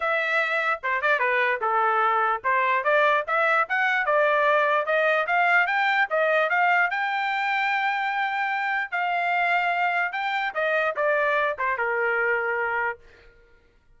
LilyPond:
\new Staff \with { instrumentName = "trumpet" } { \time 4/4 \tempo 4 = 148 e''2 c''8 d''8 b'4 | a'2 c''4 d''4 | e''4 fis''4 d''2 | dis''4 f''4 g''4 dis''4 |
f''4 g''2.~ | g''2 f''2~ | f''4 g''4 dis''4 d''4~ | d''8 c''8 ais'2. | }